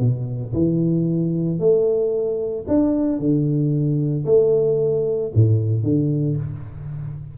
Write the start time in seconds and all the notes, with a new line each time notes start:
0.00 B2
0.54 E3
1.60 A3
2.68 D4
3.19 D3
4.26 A3
5.35 A2
5.84 D3